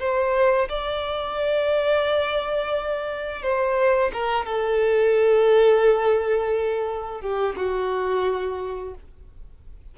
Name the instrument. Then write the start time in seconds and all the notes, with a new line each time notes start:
violin
0.00 C5
0.69 D5
3.43 C5
4.13 A#4
4.46 A4
7.21 G4
7.57 F#4